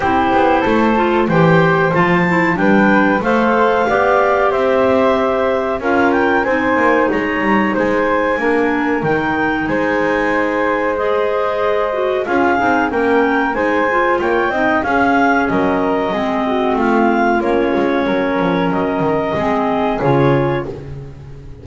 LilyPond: <<
  \new Staff \with { instrumentName = "clarinet" } { \time 4/4 \tempo 4 = 93 c''2 g''4 a''4 | g''4 f''2 e''4~ | e''4 f''8 g''8 gis''4 ais''4 | gis''2 g''4 gis''4~ |
gis''4 dis''2 f''4 | g''4 gis''4 g''4 f''4 | dis''2 f''4 cis''4~ | cis''4 dis''2 cis''4 | }
  \new Staff \with { instrumentName = "flute" } { \time 4/4 g'4 a'4 c''2 | b'4 c''4 d''4 c''4~ | c''4 ais'4 c''4 cis''4 | c''4 ais'2 c''4~ |
c''2. gis'4 | ais'4 c''4 cis''8 dis''8 gis'4 | ais'4 gis'8 fis'8 f'2 | ais'2 gis'2 | }
  \new Staff \with { instrumentName = "clarinet" } { \time 4/4 e'4. f'8 g'4 f'8 e'8 | d'4 a'4 g'2~ | g'4 f'4 dis'2~ | dis'4 d'4 dis'2~ |
dis'4 gis'4. fis'8 f'8 dis'8 | cis'4 dis'8 f'4 dis'8 cis'4~ | cis'4 c'2 cis'4~ | cis'2 c'4 f'4 | }
  \new Staff \with { instrumentName = "double bass" } { \time 4/4 c'8 b8 a4 e4 f4 | g4 a4 b4 c'4~ | c'4 cis'4 c'8 ais8 gis8 g8 | gis4 ais4 dis4 gis4~ |
gis2. cis'8 c'8 | ais4 gis4 ais8 c'8 cis'4 | fis4 gis4 a4 ais8 gis8 | fis8 f8 fis8 dis8 gis4 cis4 | }
>>